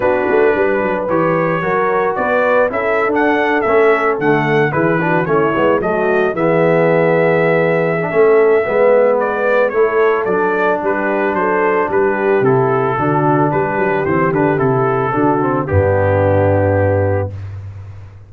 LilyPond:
<<
  \new Staff \with { instrumentName = "trumpet" } { \time 4/4 \tempo 4 = 111 b'2 cis''2 | d''4 e''8. fis''4 e''4 fis''16~ | fis''8. b'4 cis''4 dis''4 e''16~ | e''1~ |
e''4 d''4 cis''4 d''4 | b'4 c''4 b'4 a'4~ | a'4 b'4 c''8 b'8 a'4~ | a'4 g'2. | }
  \new Staff \with { instrumentName = "horn" } { \time 4/4 fis'4 b'2 ais'4 | b'4 a'2.~ | a'8. gis'8 fis'8 e'4 fis'4 gis'16~ | gis'2. a'4 |
b'2 a'2 | g'4 a'4 g'2 | fis'4 g'2. | fis'4 d'2. | }
  \new Staff \with { instrumentName = "trombone" } { \time 4/4 d'2 g'4 fis'4~ | fis'4 e'8. d'4 cis'4 a16~ | a8. e'8 d'8 cis'8 b8 a4 b16~ | b2~ b8. d'16 cis'4 |
b2 e'4 d'4~ | d'2. e'4 | d'2 c'8 d'8 e'4 | d'8 c'8 b2. | }
  \new Staff \with { instrumentName = "tuba" } { \time 4/4 b8 a8 g8 fis8 e4 fis4 | b4 cis'8. d'4 a4 d16~ | d8. e4 a8 gis8 fis4 e16~ | e2. a4 |
gis2 a4 fis4 | g4 fis4 g4 c4 | d4 g8 fis8 e8 d8 c4 | d4 g,2. | }
>>